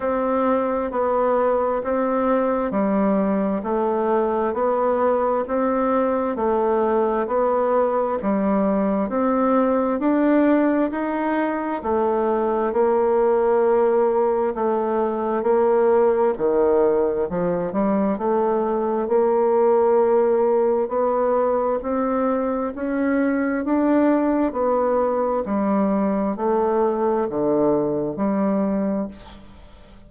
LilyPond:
\new Staff \with { instrumentName = "bassoon" } { \time 4/4 \tempo 4 = 66 c'4 b4 c'4 g4 | a4 b4 c'4 a4 | b4 g4 c'4 d'4 | dis'4 a4 ais2 |
a4 ais4 dis4 f8 g8 | a4 ais2 b4 | c'4 cis'4 d'4 b4 | g4 a4 d4 g4 | }